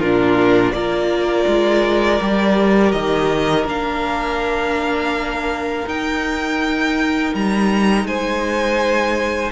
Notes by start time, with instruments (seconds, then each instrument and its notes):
0.00 cello A#2, viola D4, violin F4 A#4
0.72 cello A#3, viola F4, violin A#4 D5
1.48 cello G#3
2.22 cello G3, viola G4
2.92 cello D#3, violin D#5
3.66 cello A#3, viola D4, violin F5
5.87 cello D#4, viola D#4, violin G5
7.35 cello G3, violin A#5
8.04 cello G#3, violin C5 G#5